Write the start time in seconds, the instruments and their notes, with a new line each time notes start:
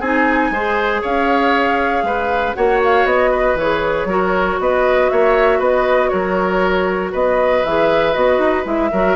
0.00 bassoon C4, clarinet D#4, oboe G#4, flute G#5
0.51 bassoon G#3, clarinet G#4, oboe C5
1.02 bassoon C#4, oboe C#5, flute F5
2.03 bassoon G#3, oboe B4
2.55 bassoon A#3, clarinet F#4, oboe C#5, flute F#5
2.84 flute F5
3.05 bassoon B3, flute D#5
3.31 oboe B4
3.55 bassoon E3, flute C#5
3.61 clarinet G#4
4.05 bassoon F#3, clarinet F#4, oboe A#4
4.60 bassoon B3, oboe B4, flute D#5
5.10 bassoon A#3, oboe C#5, flute E5
5.59 bassoon B3, oboe B4, flute D#5
6.09 bassoon F#3, oboe A#4, flute C#5
7.12 bassoon B3, oboe B4, flute D#5
7.65 bassoon E3, clarinet G#4, flute E5
8.13 bassoon B3, clarinet F#4, flute D#5
8.39 bassoon D#4
8.64 bassoon G#3, clarinet E4, flute E5
8.92 bassoon F#3, clarinet F#4, oboe A#4